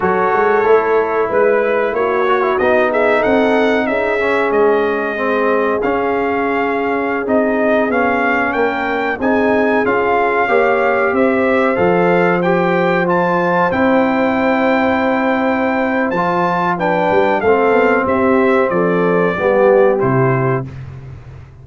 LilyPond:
<<
  \new Staff \with { instrumentName = "trumpet" } { \time 4/4 \tempo 4 = 93 cis''2 b'4 cis''4 | dis''8 e''8 fis''4 e''4 dis''4~ | dis''4 f''2~ f''16 dis''8.~ | dis''16 f''4 g''4 gis''4 f''8.~ |
f''4~ f''16 e''4 f''4 g''8.~ | g''16 a''4 g''2~ g''8.~ | g''4 a''4 g''4 f''4 | e''4 d''2 c''4 | }
  \new Staff \with { instrumentName = "horn" } { \time 4/4 a'2 b'4 fis'4~ | fis'8 gis'8 a'4 gis'2~ | gis'1~ | gis'4~ gis'16 ais'4 gis'4.~ gis'16~ |
gis'16 cis''4 c''2~ c''8.~ | c''1~ | c''2 b'4 a'4 | g'4 a'4 g'2 | }
  \new Staff \with { instrumentName = "trombone" } { \time 4/4 fis'4 e'2~ e'8 fis'16 e'16 | dis'2~ dis'8 cis'4. | c'4 cis'2~ cis'16 dis'8.~ | dis'16 cis'2 dis'4 f'8.~ |
f'16 g'2 a'4 g'8.~ | g'16 f'4 e'2~ e'8.~ | e'4 f'4 d'4 c'4~ | c'2 b4 e'4 | }
  \new Staff \with { instrumentName = "tuba" } { \time 4/4 fis8 gis8 a4 gis4 ais4 | b4 c'4 cis'4 gis4~ | gis4 cis'2~ cis'16 c'8.~ | c'16 b4 ais4 c'4 cis'8.~ |
cis'16 ais4 c'4 f4.~ f16~ | f4~ f16 c'2~ c'8.~ | c'4 f4. g8 a8 b8 | c'4 f4 g4 c4 | }
>>